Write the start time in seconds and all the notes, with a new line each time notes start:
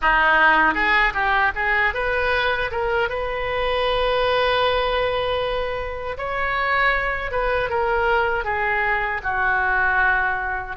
0.01 D#4
0.74 G#4
1.13 G4
1.55 G#4
1.94 B4
2.71 A#4
3.09 B4
6.17 C#5
7.31 B4
7.69 A#4
8.44 G#4
9.23 F#4